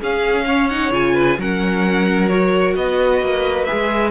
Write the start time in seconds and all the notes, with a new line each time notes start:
0.00 C#4 G#4 F5
0.46 C#5
0.69 D#4 F#5
0.91 C#3 F4 G#5
1.14 B4
1.38 F#3 C#4 A#4 F#5
2.28 F#4 C#5
2.76 B3 B4 D#5
3.21 A#3
3.64 G#4 E5
3.72 G#3